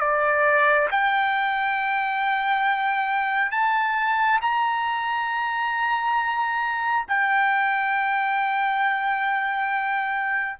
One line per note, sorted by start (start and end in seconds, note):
0.00 0.88 D5
0.91 3.51 G5
3.51 4.40 A5
4.41 7.06 A#5
7.08 10.60 G5